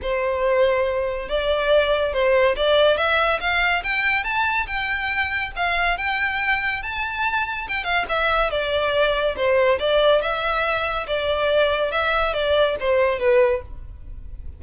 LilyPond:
\new Staff \with { instrumentName = "violin" } { \time 4/4 \tempo 4 = 141 c''2. d''4~ | d''4 c''4 d''4 e''4 | f''4 g''4 a''4 g''4~ | g''4 f''4 g''2 |
a''2 g''8 f''8 e''4 | d''2 c''4 d''4 | e''2 d''2 | e''4 d''4 c''4 b'4 | }